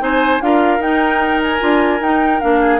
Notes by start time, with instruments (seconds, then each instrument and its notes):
0.00 bassoon C4, clarinet D#4, oboe C5, flute G#5
0.41 bassoon D4, clarinet F4, oboe A#4, flute F5
0.79 bassoon D#4, clarinet D#4, flute G5
1.43 flute G#5
1.59 bassoon D4, clarinet F4
2.00 bassoon D#4, clarinet D#4, flute G5
2.40 bassoon A#3, clarinet D4, flute F5
2.60 oboe G#4